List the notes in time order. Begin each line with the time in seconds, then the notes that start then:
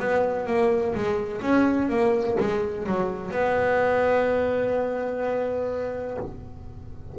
0.00 B3
0.47 A#3
0.95 G#3
1.42 C#4
1.90 A#3
2.40 G#3
2.87 F#3
3.32 B3